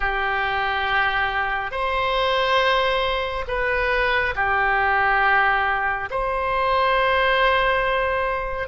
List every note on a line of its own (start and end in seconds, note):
0.00 1.71 G4
1.71 3.45 C5
3.47 4.34 B4
4.35 6.09 G4
6.10 8.68 C5